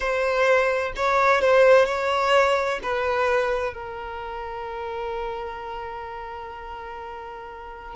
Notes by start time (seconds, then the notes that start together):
0.00 C5
0.96 C#5
1.41 C5
1.85 C#5
2.82 B4
3.73 A#4